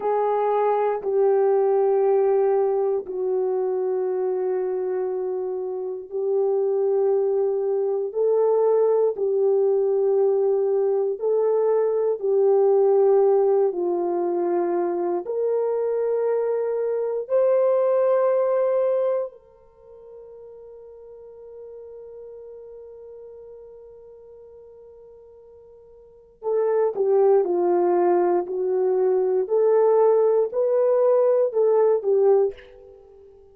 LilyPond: \new Staff \with { instrumentName = "horn" } { \time 4/4 \tempo 4 = 59 gis'4 g'2 fis'4~ | fis'2 g'2 | a'4 g'2 a'4 | g'4. f'4. ais'4~ |
ais'4 c''2 ais'4~ | ais'1~ | ais'2 a'8 g'8 f'4 | fis'4 a'4 b'4 a'8 g'8 | }